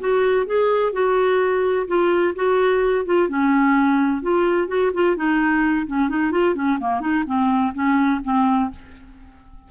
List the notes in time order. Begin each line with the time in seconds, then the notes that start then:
0.00 F#4
0.46 G#4
0.93 F#4
1.88 F4
2.36 F#4
3.06 F4
3.29 C#4
4.22 F4
4.68 F#4
4.94 F4
5.16 D#4
5.87 C#4
6.09 D#4
6.32 F4
6.55 C#4
6.80 A#3
7.01 D#4
7.26 C4
7.74 C#4
8.24 C4